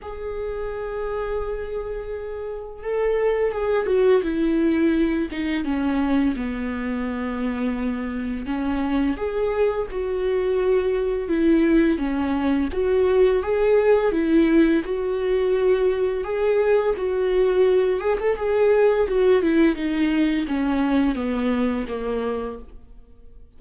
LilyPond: \new Staff \with { instrumentName = "viola" } { \time 4/4 \tempo 4 = 85 gis'1 | a'4 gis'8 fis'8 e'4. dis'8 | cis'4 b2. | cis'4 gis'4 fis'2 |
e'4 cis'4 fis'4 gis'4 | e'4 fis'2 gis'4 | fis'4. gis'16 a'16 gis'4 fis'8 e'8 | dis'4 cis'4 b4 ais4 | }